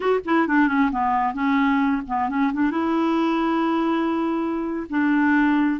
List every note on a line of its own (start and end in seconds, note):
0.00 0.20 F#4
0.25 0.47 E4
0.47 0.67 D4
0.67 0.90 C#4
0.91 1.33 B3
1.33 2.02 C#4
2.07 2.29 B3
2.29 2.52 C#4
2.53 2.70 D4
2.70 4.86 E4
4.89 5.80 D4